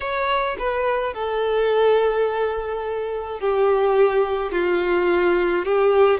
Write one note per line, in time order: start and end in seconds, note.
0.00 0.57 C#5
0.58 1.13 B4
1.13 3.40 A4
3.40 4.52 G4
4.52 5.65 F4
5.65 6.20 G4